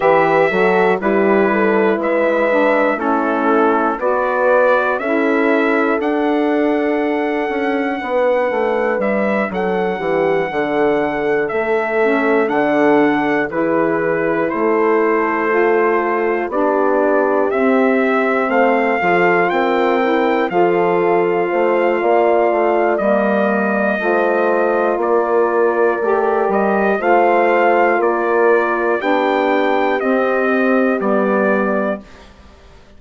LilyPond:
<<
  \new Staff \with { instrumentName = "trumpet" } { \time 4/4 \tempo 4 = 60 e''4 b'4 e''4 a'4 | d''4 e''4 fis''2~ | fis''4 e''8 fis''2 e''8~ | e''8 fis''4 b'4 c''4.~ |
c''8 d''4 e''4 f''4 g''8~ | g''8 f''2~ f''8 dis''4~ | dis''4 d''4. dis''8 f''4 | d''4 g''4 dis''4 d''4 | }
  \new Staff \with { instrumentName = "horn" } { \time 4/4 b'8 a'8 g'8 a'8 b'4 e'4 | b'4 a'2. | b'4. a'8 g'8 a'4.~ | a'4. gis'4 a'4.~ |
a'8 g'2 c''8 a'8 ais'8~ | ais'8 a'4 c''8 d''2 | c''4 ais'2 c''4 | ais'4 g'2. | }
  \new Staff \with { instrumentName = "saxophone" } { \time 4/4 g'8 fis'8 e'4. d'8 cis'4 | fis'4 e'4 d'2~ | d'1 | cis'8 d'4 e'2 f'8~ |
f'8 d'4 c'4. f'4 | e'8 f'2~ f'8 ais4 | f'2 g'4 f'4~ | f'4 d'4 c'4 b4 | }
  \new Staff \with { instrumentName = "bassoon" } { \time 4/4 e8 fis8 g4 gis4 a4 | b4 cis'4 d'4. cis'8 | b8 a8 g8 fis8 e8 d4 a8~ | a8 d4 e4 a4.~ |
a8 b4 c'4 a8 f8 c'8~ | c'8 f4 a8 ais8 a8 g4 | a4 ais4 a8 g8 a4 | ais4 b4 c'4 g4 | }
>>